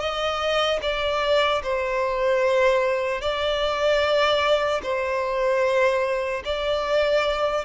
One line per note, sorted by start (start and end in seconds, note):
0.00 0.80 D#5
0.82 1.62 D5
1.63 3.21 C5
3.21 4.81 D5
4.83 6.43 C5
6.45 7.65 D5